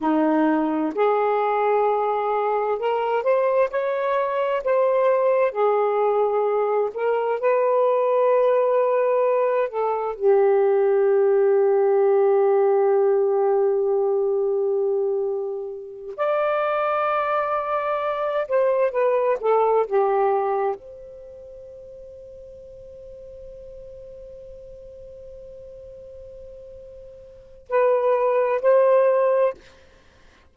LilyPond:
\new Staff \with { instrumentName = "saxophone" } { \time 4/4 \tempo 4 = 65 dis'4 gis'2 ais'8 c''8 | cis''4 c''4 gis'4. ais'8 | b'2~ b'8 a'8 g'4~ | g'1~ |
g'4. d''2~ d''8 | c''8 b'8 a'8 g'4 c''4.~ | c''1~ | c''2 b'4 c''4 | }